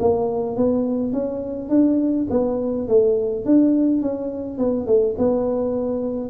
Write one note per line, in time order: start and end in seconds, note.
0.00 0.56 A#3
0.56 1.13 B3
1.13 1.69 C#4
1.69 2.27 D4
2.30 2.88 B3
2.88 3.45 A3
3.45 4.02 D4
4.02 4.58 C#4
4.58 4.86 B3
4.86 5.15 A3
5.18 6.30 B3